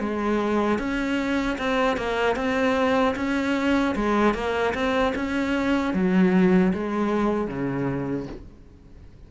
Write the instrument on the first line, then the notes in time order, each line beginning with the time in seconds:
cello
0.00 G#3
0.79 C#4
1.58 C4
1.97 A#3
2.36 C4
3.16 C#4
3.95 G#3
4.34 A#3
4.74 C4
5.15 C#4
5.94 F#3
6.73 G#3
7.47 C#3